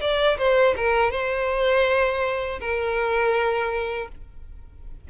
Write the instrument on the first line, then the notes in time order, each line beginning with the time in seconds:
violin
0.00 D5
0.37 C5
0.76 A#4
1.11 C5
2.60 A#4